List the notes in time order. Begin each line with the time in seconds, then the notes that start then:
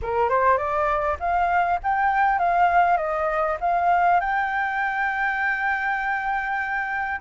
0.02 A#4
0.29 C5
0.57 D5
1.19 F5
1.83 G5
2.38 F5
2.97 D#5
3.60 F5
4.20 G5